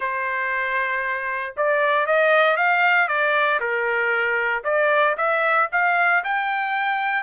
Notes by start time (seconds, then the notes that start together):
0.00 C5
1.57 D5
2.06 D#5
2.57 F5
3.08 D5
3.60 A#4
4.64 D5
5.17 E5
5.72 F5
6.24 G5